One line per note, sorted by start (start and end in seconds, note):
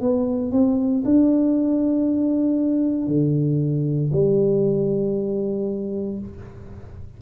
0.00 0.52 B3
0.52 1.03 C4
1.05 3.08 D4
3.08 4.11 D3
4.12 6.19 G3